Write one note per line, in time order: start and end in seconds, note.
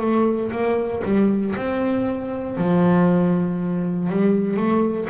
0.00 0.51 A3
0.51 1.02 A#3
1.04 1.55 G3
1.56 2.57 C4
2.57 4.09 F3
4.09 4.56 G3
4.56 5.07 A3